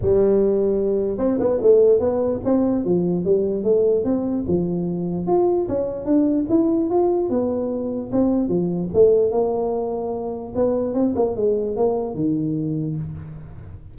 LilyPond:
\new Staff \with { instrumentName = "tuba" } { \time 4/4 \tempo 4 = 148 g2. c'8 b8 | a4 b4 c'4 f4 | g4 a4 c'4 f4~ | f4 f'4 cis'4 d'4 |
e'4 f'4 b2 | c'4 f4 a4 ais4~ | ais2 b4 c'8 ais8 | gis4 ais4 dis2 | }